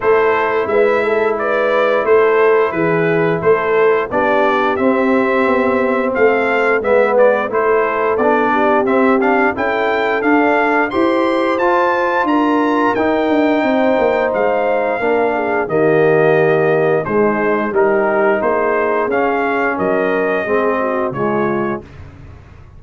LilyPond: <<
  \new Staff \with { instrumentName = "trumpet" } { \time 4/4 \tempo 4 = 88 c''4 e''4 d''4 c''4 | b'4 c''4 d''4 e''4~ | e''4 f''4 e''8 d''8 c''4 | d''4 e''8 f''8 g''4 f''4 |
c'''4 a''4 ais''4 g''4~ | g''4 f''2 dis''4~ | dis''4 c''4 ais'4 c''4 | f''4 dis''2 cis''4 | }
  \new Staff \with { instrumentName = "horn" } { \time 4/4 a'4 b'8 a'8 b'4 a'4 | gis'4 a'4 g'2~ | g'4 a'4 b'4 a'4~ | a'8 g'4. a'2 |
c''2 ais'2 | c''2 ais'8 gis'8 g'4~ | g'4 dis'4 g'4 gis'4~ | gis'4 ais'4 gis'8 fis'8 f'4 | }
  \new Staff \with { instrumentName = "trombone" } { \time 4/4 e'1~ | e'2 d'4 c'4~ | c'2 b4 e'4 | d'4 c'8 d'8 e'4 d'4 |
g'4 f'2 dis'4~ | dis'2 d'4 ais4~ | ais4 gis4 dis'2 | cis'2 c'4 gis4 | }
  \new Staff \with { instrumentName = "tuba" } { \time 4/4 a4 gis2 a4 | e4 a4 b4 c'4 | b4 a4 gis4 a4 | b4 c'4 cis'4 d'4 |
e'4 f'4 d'4 dis'8 d'8 | c'8 ais8 gis4 ais4 dis4~ | dis4 gis4 g4 ais4 | cis'4 fis4 gis4 cis4 | }
>>